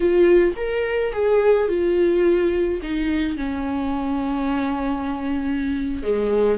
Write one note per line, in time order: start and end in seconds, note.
0.00 0.54 F4
0.56 1.12 A#4
1.12 1.68 G#4
1.68 2.80 F4
2.82 3.36 D#4
3.36 6.02 C#4
6.02 6.58 G#3